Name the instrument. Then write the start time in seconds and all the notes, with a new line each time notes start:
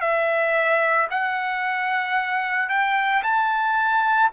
trumpet
0.00 E5
1.10 F#5
2.69 G5
3.23 A5